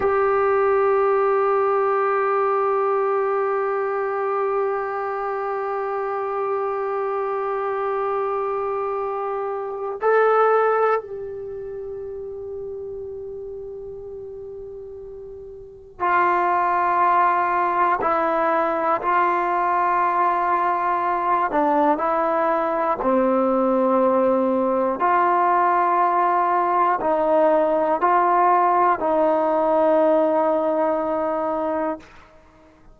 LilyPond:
\new Staff \with { instrumentName = "trombone" } { \time 4/4 \tempo 4 = 60 g'1~ | g'1~ | g'2 a'4 g'4~ | g'1 |
f'2 e'4 f'4~ | f'4. d'8 e'4 c'4~ | c'4 f'2 dis'4 | f'4 dis'2. | }